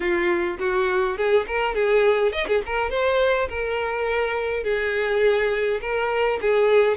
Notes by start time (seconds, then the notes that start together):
0.00 F4
0.59 F#4
1.17 G#4
1.47 A#4
1.74 G#4
2.32 D#5
2.47 G#4
2.65 A#4
2.90 C5
3.48 A#4
4.63 G#4
5.81 A#4
6.41 G#4